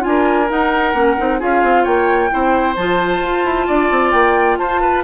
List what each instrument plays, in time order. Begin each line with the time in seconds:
0.00 bassoon D4, clarinet F4, flute G#5
0.09 oboe A#4
0.49 clarinet D#4, bassoon D#4, flute F#5
0.93 bassoon A#3, clarinet C#4
1.17 bassoon C4, clarinet D#4
1.39 bassoon C#4, clarinet F4, oboe G#4, flute F5
1.63 bassoon C4
1.83 bassoon A#3, oboe C#5, flute G5
2.29 bassoon C4, clarinet E4, oboe C5
2.76 bassoon F3, clarinet F4, flute A5
3.20 bassoon F4
3.44 bassoon E4
3.67 bassoon D4, oboe D5
3.90 bassoon C4
4.11 bassoon A#3, flute G5
4.57 bassoon F4, oboe C5, flute A5
4.80 oboe B4